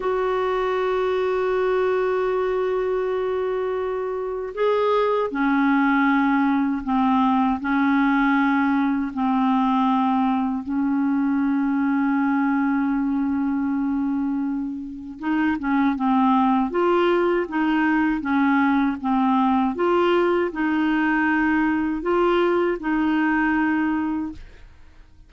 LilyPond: \new Staff \with { instrumentName = "clarinet" } { \time 4/4 \tempo 4 = 79 fis'1~ | fis'2 gis'4 cis'4~ | cis'4 c'4 cis'2 | c'2 cis'2~ |
cis'1 | dis'8 cis'8 c'4 f'4 dis'4 | cis'4 c'4 f'4 dis'4~ | dis'4 f'4 dis'2 | }